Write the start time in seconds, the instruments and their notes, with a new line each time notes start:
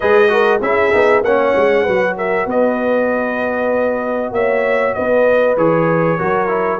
0.00 tuba G#3, trombone G#4, horn B4, trumpet D#5
0.28 trombone F#4, horn A#4
0.60 tuba C#4, trombone E4, horn G#4, trumpet E5
0.92 tuba B3, trombone D#4
1.23 tuba A#3, trombone C#4, horn C#5, trumpet F#5
1.56 tuba G#3
1.83 tuba F#3, trombone F#4, horn B4
2.16 horn A#4, trumpet E5
2.46 tuba B3, horn B4, trumpet D#5
4.31 tuba A#3, horn C#5, trumpet E5
4.94 tuba B3, horn B4, trumpet D#5
5.57 tuba E3, trombone G#4, trumpet C#5
6.18 tuba F#3, trombone F#4, horn A#4
6.47 trombone E4